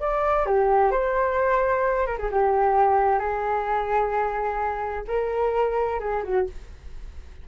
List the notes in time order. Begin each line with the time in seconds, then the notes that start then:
0.00 D5
0.46 G4
0.91 C5
2.07 A#4
2.19 G#4
2.31 G4
3.19 G#4
5.07 A#4
6.00 G#4
6.24 F#4